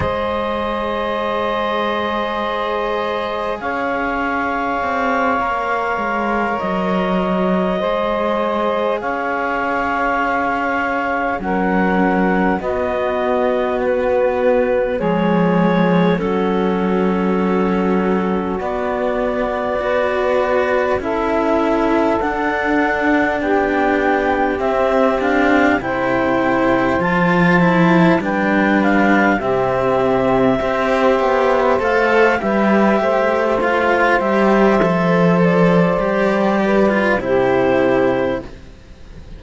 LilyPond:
<<
  \new Staff \with { instrumentName = "clarinet" } { \time 4/4 \tempo 4 = 50 dis''2. f''4~ | f''4. dis''2 f''8~ | f''4. fis''4 dis''4 b'8~ | b'8 cis''4 a'2 d''8~ |
d''4. e''4 fis''4 g''8~ | g''8 e''8 f''8 g''4 a''4 g''8 | f''8 e''2 f''8 e''4 | f''8 e''4 d''4. c''4 | }
  \new Staff \with { instrumentName = "saxophone" } { \time 4/4 c''2. cis''4~ | cis''2~ cis''8 c''4 cis''8~ | cis''4. ais'4 fis'4.~ | fis'8 gis'4 fis'2~ fis'8~ |
fis'8 b'4 a'2 g'8~ | g'4. c''2 b'8~ | b'8 g'4 c''4. b'8 c''8~ | c''2~ c''8 b'8 g'4 | }
  \new Staff \with { instrumentName = "cello" } { \time 4/4 gis'1~ | gis'8 ais'2 gis'4.~ | gis'4. cis'4 b4.~ | b8 gis4 cis'2 b8~ |
b8 fis'4 e'4 d'4.~ | d'8 c'8 d'8 e'4 f'8 e'8 d'8~ | d'8 c'4 g'4 a'8 g'4 | f'8 g'8 a'4 g'8. f'16 e'4 | }
  \new Staff \with { instrumentName = "cello" } { \time 4/4 gis2. cis'4 | c'8 ais8 gis8 fis4 gis4 cis'8~ | cis'4. fis4 b4.~ | b8 f4 fis2 b8~ |
b4. cis'4 d'4 b8~ | b8 c'4 c4 f4 g8~ | g8 c4 c'8 b8 a8 g8 a8~ | a8 g8 f4 g4 c4 | }
>>